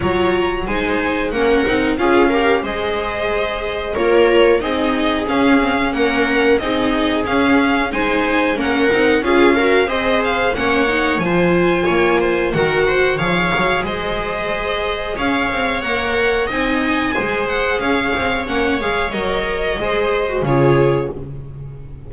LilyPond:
<<
  \new Staff \with { instrumentName = "violin" } { \time 4/4 \tempo 4 = 91 ais''4 gis''4 fis''4 f''4 | dis''2 cis''4 dis''4 | f''4 fis''4 dis''4 f''4 | gis''4 fis''4 f''4 dis''8 f''8 |
fis''4 gis''2 fis''4 | f''4 dis''2 f''4 | fis''4 gis''4. fis''8 f''4 | fis''8 f''8 dis''2 cis''4 | }
  \new Staff \with { instrumentName = "viola" } { \time 4/4 cis''4 c''4 ais'4 gis'8 ais'8 | c''2 ais'4 gis'4~ | gis'4 ais'4 gis'2 | c''4 ais'4 gis'8 ais'8 c''4 |
cis''4 c''4 cis''8 c''8 ais'8 c''8 | cis''4 c''2 cis''4~ | cis''4 dis''4 c''4 cis''4~ | cis''2 c''4 gis'4 | }
  \new Staff \with { instrumentName = "viola" } { \time 4/4 f'4 dis'4 cis'8 dis'8 f'8 g'8 | gis'2 f'4 dis'4 | cis'8 c'16 cis'4~ cis'16 dis'4 cis'4 | dis'4 cis'8 dis'8 f'8 fis'8 gis'4 |
cis'8 dis'8 f'2 fis'4 | gis'1 | ais'4 dis'4 gis'2 | cis'8 gis'8 ais'4 gis'8. fis'16 f'4 | }
  \new Staff \with { instrumentName = "double bass" } { \time 4/4 fis4 gis4 ais8 c'8 cis'4 | gis2 ais4 c'4 | cis'4 ais4 c'4 cis'4 | gis4 ais8 c'8 cis'4 c'4 |
ais4 f4 ais4 dis4 | f8 fis8 gis2 cis'8 c'8 | ais4 c'4 gis4 cis'8 c'8 | ais8 gis8 fis4 gis4 cis4 | }
>>